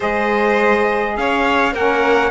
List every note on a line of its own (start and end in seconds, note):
0.00 1.17 G#3
0.00 1.72 G#4
0.00 1.14 C5
0.00 1.16 D#5
1.16 1.74 C#4
1.16 1.73 C#5
1.16 1.74 F5
1.73 2.31 A#3
1.73 2.31 C#4
1.73 2.31 A#4
1.73 2.31 F#5